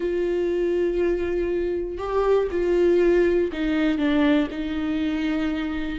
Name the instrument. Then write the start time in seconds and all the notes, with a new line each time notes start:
viola
0.00 F4
1.97 G4
2.51 F4
3.52 D#4
3.98 D4
4.50 D#4